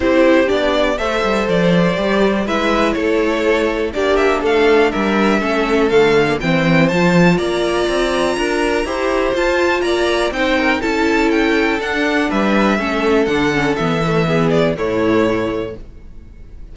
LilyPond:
<<
  \new Staff \with { instrumentName = "violin" } { \time 4/4 \tempo 4 = 122 c''4 d''4 e''4 d''4~ | d''4 e''4 cis''2 | d''8 e''8 f''4 e''2 | f''4 g''4 a''4 ais''4~ |
ais''2. a''4 | ais''4 g''4 a''4 g''4 | fis''4 e''2 fis''4 | e''4. d''8 cis''2 | }
  \new Staff \with { instrumentName = "violin" } { \time 4/4 g'2 c''2~ | c''4 b'4 a'2 | g'4 a'4 ais'4 a'4~ | a'4 c''2 d''4~ |
d''4 ais'4 c''2 | d''4 c''8 ais'8 a'2~ | a'4 b'4 a'2~ | a'4 gis'4 e'2 | }
  \new Staff \with { instrumentName = "viola" } { \time 4/4 e'4 d'4 a'2 | g'4 e'2. | d'2. cis'4 | a8. ais16 c'4 f'2~ |
f'2 g'4 f'4~ | f'4 dis'4 e'2 | d'2 cis'4 d'8 cis'8 | b8 a8 b4 a2 | }
  \new Staff \with { instrumentName = "cello" } { \time 4/4 c'4 b4 a8 g8 f4 | g4 gis4 a2 | ais4 a4 g4 a4 | d4 e4 f4 ais4 |
c'4 d'4 e'4 f'4 | ais4 c'4 cis'2 | d'4 g4 a4 d4 | e2 a,2 | }
>>